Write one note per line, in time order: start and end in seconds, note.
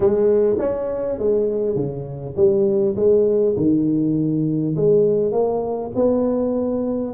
0.00 0.56 G#3
0.59 1.18 C#4
1.18 1.75 G#3
1.75 2.35 C#3
2.36 2.95 G3
2.96 3.55 G#3
3.56 4.75 D#3
4.76 5.32 G#3
5.32 5.91 A#3
5.95 7.13 B3